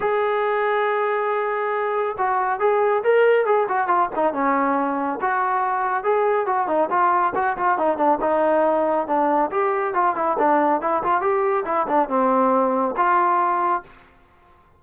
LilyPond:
\new Staff \with { instrumentName = "trombone" } { \time 4/4 \tempo 4 = 139 gis'1~ | gis'4 fis'4 gis'4 ais'4 | gis'8 fis'8 f'8 dis'8 cis'2 | fis'2 gis'4 fis'8 dis'8 |
f'4 fis'8 f'8 dis'8 d'8 dis'4~ | dis'4 d'4 g'4 f'8 e'8 | d'4 e'8 f'8 g'4 e'8 d'8 | c'2 f'2 | }